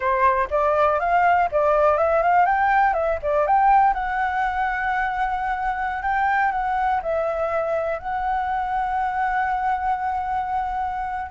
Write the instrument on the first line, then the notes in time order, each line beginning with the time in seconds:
flute
0.00 C5
0.50 D5
0.99 F5
1.51 D5
1.97 E5
2.22 F5
2.45 G5
2.93 E5
3.22 D5
3.46 G5
3.93 F#5
6.02 G5
6.51 F#5
7.02 E5
7.99 F#5